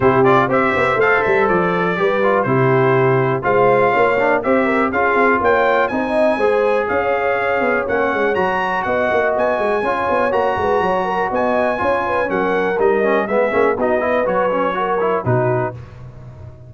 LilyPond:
<<
  \new Staff \with { instrumentName = "trumpet" } { \time 4/4 \tempo 4 = 122 c''8 d''8 e''4 f''8 e''8 d''4~ | d''4 c''2 f''4~ | f''4 e''4 f''4 g''4 | gis''2 f''2 |
fis''4 ais''4 fis''4 gis''4~ | gis''4 ais''2 gis''4~ | gis''4 fis''4 dis''4 e''4 | dis''4 cis''2 b'4 | }
  \new Staff \with { instrumentName = "horn" } { \time 4/4 g'4 c''2. | b'4 g'2 c''4 | cis''4 c''8 ais'8 gis'4 cis''4 | dis''4 c''4 cis''2~ |
cis''2 dis''2 | cis''4. b'8 cis''8 ais'8 dis''4 | cis''8 b'8 ais'2 gis'4 | fis'8 b'4. ais'4 fis'4 | }
  \new Staff \with { instrumentName = "trombone" } { \time 4/4 e'8 f'8 g'4 a'2 | g'8 f'8 e'2 f'4~ | f'8 d'8 g'4 f'2 | dis'4 gis'2. |
cis'4 fis'2. | f'4 fis'2. | f'4 cis'4 dis'8 cis'8 b8 cis'8 | dis'8 e'8 fis'8 cis'8 fis'8 e'8 dis'4 | }
  \new Staff \with { instrumentName = "tuba" } { \time 4/4 c4 c'8 b8 a8 g8 f4 | g4 c2 gis4 | ais4 c'4 cis'8 c'8 ais4 | c'4 gis4 cis'4. b8 |
ais8 gis8 fis4 b8 ais8 b8 gis8 | cis'8 b8 ais8 gis8 fis4 b4 | cis'4 fis4 g4 gis8 ais8 | b4 fis2 b,4 | }
>>